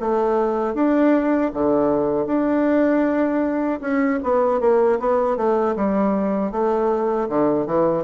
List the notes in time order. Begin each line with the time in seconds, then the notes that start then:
0.00 A3
0.74 D4
1.54 D3
2.26 D4
3.81 C#4
4.23 B3
4.60 A#3
5.00 B3
5.37 A3
5.76 G3
6.52 A3
7.29 D3
7.66 E3